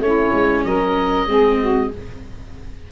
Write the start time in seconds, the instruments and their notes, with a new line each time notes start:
0.00 tuba A3, viola C#4, saxophone E4, oboe C#5
0.33 tuba G#3
0.65 tuba F#3, saxophone A#4, oboe D#5
1.27 tuba G#3, viola C4, saxophone G#4
1.60 saxophone F#4